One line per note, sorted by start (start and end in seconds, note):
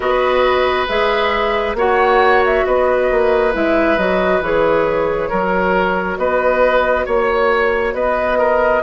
0.00 0.87 B3
0.00 0.88 F#4
0.00 1.76 B4
0.00 0.87 D#5
0.87 1.74 G#3
0.87 1.76 G#4
0.87 1.76 E5
1.74 2.62 A#3
1.74 3.53 F#4
1.74 2.65 C#5
1.74 2.44 F#5
2.45 2.65 E5
2.65 3.10 B3
2.65 5.29 B4
2.65 3.53 D#5
3.10 3.54 A#3
3.53 3.97 G#3
3.53 3.97 E4
3.53 3.97 E5
3.97 4.40 F#3
3.97 4.42 F#4
3.97 4.42 D#5
4.40 5.29 E3
4.40 5.31 G#4
4.40 6.17 C#5
5.29 6.17 F#3
5.29 8.82 F#4
5.29 6.17 A#4
6.17 7.06 B3
6.17 7.05 B4
6.17 7.06 D#5
7.05 7.93 A#3
7.05 7.94 C#5
7.93 8.81 B3
7.93 8.38 B4
7.93 8.82 D#5
8.38 8.82 A#4